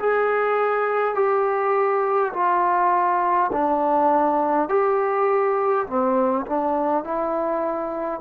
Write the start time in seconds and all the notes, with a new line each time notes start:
0.00 G#4
1.16 G4
2.34 F4
3.53 D4
4.69 G4
5.87 C4
6.47 D4
7.04 E4